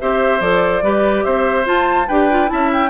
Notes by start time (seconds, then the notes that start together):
0.00 C4 G4 C5 E5
0.40 F3 A4 D5
0.82 G3 G4 B4
1.24 C4 C5 E5
1.64 F4 A5
2.08 D4 G4 B4 G5
2.30 F4
2.46 C#4 E4 A5
2.52 E5
2.73 G5